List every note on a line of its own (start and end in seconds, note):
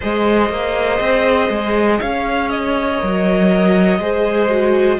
0.00 0.49 G#3
0.00 2.97 G#4
0.00 1.99 C5
0.00 2.00 D#5
0.49 0.99 A#3
1.00 1.49 C4
1.49 1.99 G#3
1.99 3.01 C#4
1.99 3.99 C#5
1.99 2.50 F5
2.50 4.99 D#5
2.97 3.99 F#3
2.97 3.97 A#4
3.99 4.99 G#3
3.99 4.49 G#4
3.99 4.99 C5
4.49 4.99 F#4